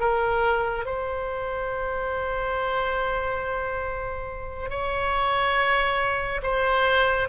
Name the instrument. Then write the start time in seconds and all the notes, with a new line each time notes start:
oboe
0.00 A#4
0.86 C5
4.70 C#5
6.43 C5